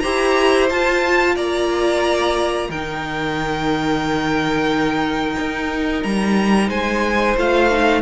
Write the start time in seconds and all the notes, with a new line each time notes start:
0.00 E4 G4 C5 A#5
0.69 F4 A5
1.35 A#3 D5 A#5
2.69 D#3 D#4 A#4 G5
5.39 D#4
6.03 G3 A#5
6.68 G#3 C5 G#5
7.37 A3 F4 F5
7.71 D#4